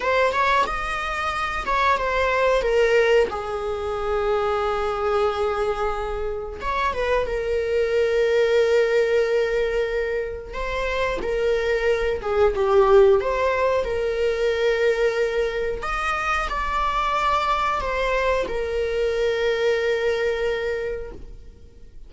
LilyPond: \new Staff \with { instrumentName = "viola" } { \time 4/4 \tempo 4 = 91 c''8 cis''8 dis''4. cis''8 c''4 | ais'4 gis'2.~ | gis'2 cis''8 b'8 ais'4~ | ais'1 |
c''4 ais'4. gis'8 g'4 | c''4 ais'2. | dis''4 d''2 c''4 | ais'1 | }